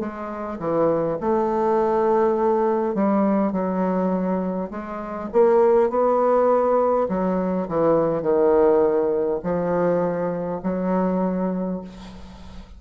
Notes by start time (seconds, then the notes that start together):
0.00 G#3
0.59 E3
1.21 A3
2.95 G3
3.52 F#3
4.71 G#3
5.33 A#3
5.90 B3
7.09 F#3
7.69 E3
8.22 D#3
9.44 F3
10.64 F#3